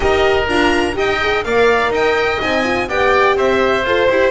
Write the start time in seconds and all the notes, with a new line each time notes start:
0.00 D#4 G4 A#4 D#5
0.48 D4 F4 A#5
0.94 D#4 G4 D#5 G5
1.21 G#4
1.44 A#3 A#4 D5 F5
1.90 D#4 D#5 G5
2.40 C4 D#4 G#5
2.63 F4
2.88 B3 G4 D5 G5
3.35 C4 C5 E5
3.84 F4 A4 C5
4.08 E4 G4